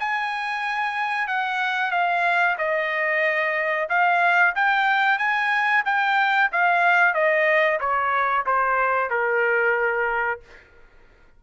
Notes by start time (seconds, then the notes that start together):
0.00 G#5
1.28 F#5
1.92 F5
2.58 D#5
3.90 F5
4.56 G5
5.18 G#5
5.85 G5
6.52 F5
7.14 D#5
7.81 C#5
8.46 C5
9.10 A#4